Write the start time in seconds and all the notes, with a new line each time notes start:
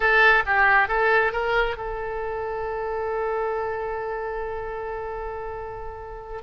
0.00 A4
0.46 G4
0.88 A4
1.32 A#4
1.77 A4